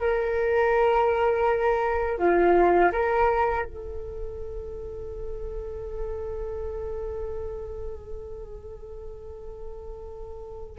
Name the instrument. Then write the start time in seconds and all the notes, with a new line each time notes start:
flute
0.00 A#4
2.19 F4
2.92 A#4
3.66 A4